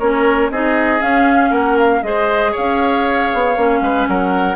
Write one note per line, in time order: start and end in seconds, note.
0.00 0.51 A#3
0.00 0.52 C#4
0.00 0.51 A#4
0.00 0.51 C#5
0.51 1.02 C4
0.51 1.00 D#4
0.51 1.51 G#4
0.51 1.02 D#5
1.00 2.02 C#4
1.00 1.51 C#4
1.00 1.53 F5
1.51 2.02 A#3
1.51 2.02 A#4
1.51 1.78 F#5
1.79 2.03 F5
2.03 2.54 G#3
2.03 3.56 G#4
2.03 2.52 C5
2.03 2.54 D#5
2.52 3.34 C#4
2.52 3.79 C#5
2.52 4.08 F5
3.34 3.57 B3
3.57 3.81 A#3
3.57 4.56 C#4
3.81 4.07 G#3
3.81 4.09 B4
4.08 4.56 F#3
4.08 4.56 A#4
4.08 4.56 F#5